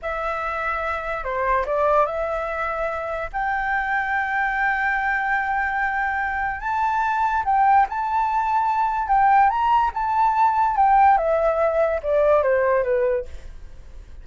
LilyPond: \new Staff \with { instrumentName = "flute" } { \time 4/4 \tempo 4 = 145 e''2. c''4 | d''4 e''2. | g''1~ | g''1 |
a''2 g''4 a''4~ | a''2 g''4 ais''4 | a''2 g''4 e''4~ | e''4 d''4 c''4 b'4 | }